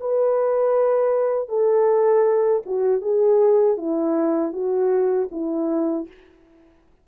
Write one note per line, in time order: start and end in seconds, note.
0.00 1.48 B4
1.48 2.62 A4
2.65 3.01 F#4
3.01 3.77 G#4
3.77 4.52 E4
4.52 5.28 F#4
5.31 6.07 E4